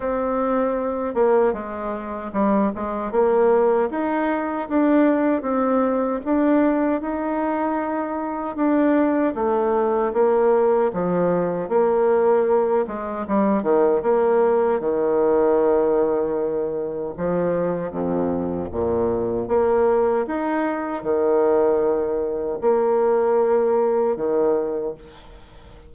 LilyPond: \new Staff \with { instrumentName = "bassoon" } { \time 4/4 \tempo 4 = 77 c'4. ais8 gis4 g8 gis8 | ais4 dis'4 d'4 c'4 | d'4 dis'2 d'4 | a4 ais4 f4 ais4~ |
ais8 gis8 g8 dis8 ais4 dis4~ | dis2 f4 f,4 | ais,4 ais4 dis'4 dis4~ | dis4 ais2 dis4 | }